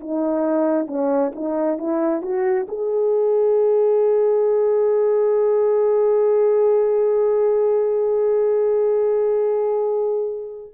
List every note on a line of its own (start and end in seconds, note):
0.00 0.87 D#4
0.87 1.32 C#4
1.35 1.78 D#4
1.78 2.22 E4
2.22 2.67 F#4
2.68 10.73 G#4